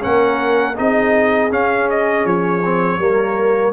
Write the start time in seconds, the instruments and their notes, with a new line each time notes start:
0.00 tuba A#3, trombone C#4, horn A#4, trumpet F#5
0.75 tuba C4, trombone D#4, horn G#4, trumpet D#5
1.51 trombone C#4, tuba C#4, trumpet F5
1.89 trumpet D#5
2.25 tuba F3, trumpet C#5
2.64 trombone C4
2.98 tuba G3, trombone A#3, horn A#4